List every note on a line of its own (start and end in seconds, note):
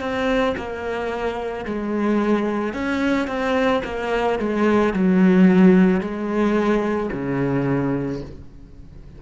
0.00 0.55 C4
0.57 1.65 A#3
1.65 2.73 G#3
2.73 3.27 C#4
3.27 3.82 C4
3.84 4.39 A#3
4.39 4.93 G#3
4.93 6.00 F#3
6.00 7.10 G#3
7.13 8.22 C#3